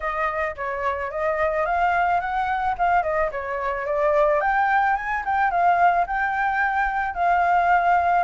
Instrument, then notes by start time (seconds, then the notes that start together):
flute
0.00 D#5
0.56 C#5
1.10 D#5
1.65 F5
2.20 F#5
2.78 F5
3.03 D#5
3.31 C#5
3.85 D5
4.41 G5
4.95 G#5
5.25 G5
5.50 F5
6.07 G5
7.14 F5